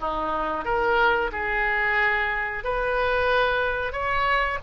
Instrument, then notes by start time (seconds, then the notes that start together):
oboe
0.00 D#4
0.65 A#4
1.32 G#4
2.64 B4
3.93 C#5